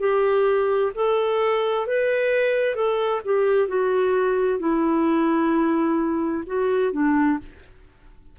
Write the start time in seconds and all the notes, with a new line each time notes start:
0.00 G4
0.95 A4
1.87 B4
2.75 A4
3.25 G4
3.68 F#4
4.59 E4
6.47 F#4
6.92 D4